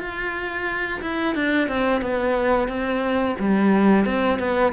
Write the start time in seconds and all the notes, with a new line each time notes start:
0.00 F4
1.02 E4
1.35 D4
1.69 C4
2.02 B3
2.69 C4
3.40 G3
4.06 C4
4.39 B3